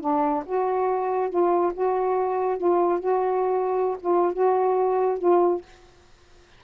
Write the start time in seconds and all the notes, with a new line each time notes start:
0.00 D4
0.45 F#4
1.29 F4
1.73 F#4
2.57 F4
2.99 F#4
4.00 F4
4.33 F#4
5.18 F4